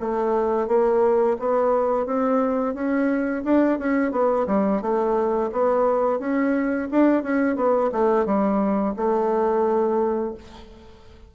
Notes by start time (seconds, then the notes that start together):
0.00 A3
0.68 A#3
1.39 B3
2.06 C4
2.74 C#4
3.44 D4
3.79 C#4
4.12 B3
4.47 G3
4.82 A3
5.52 B3
6.19 C#4
6.91 D4
7.23 C#4
7.56 B3
7.92 A3
8.25 G3
8.96 A3